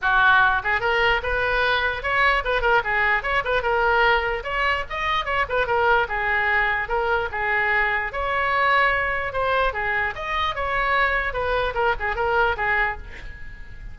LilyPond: \new Staff \with { instrumentName = "oboe" } { \time 4/4 \tempo 4 = 148 fis'4. gis'8 ais'4 b'4~ | b'4 cis''4 b'8 ais'8 gis'4 | cis''8 b'8 ais'2 cis''4 | dis''4 cis''8 b'8 ais'4 gis'4~ |
gis'4 ais'4 gis'2 | cis''2. c''4 | gis'4 dis''4 cis''2 | b'4 ais'8 gis'8 ais'4 gis'4 | }